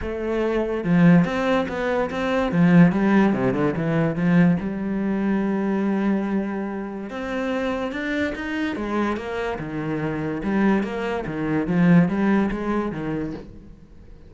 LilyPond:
\new Staff \with { instrumentName = "cello" } { \time 4/4 \tempo 4 = 144 a2 f4 c'4 | b4 c'4 f4 g4 | c8 d8 e4 f4 g4~ | g1~ |
g4 c'2 d'4 | dis'4 gis4 ais4 dis4~ | dis4 g4 ais4 dis4 | f4 g4 gis4 dis4 | }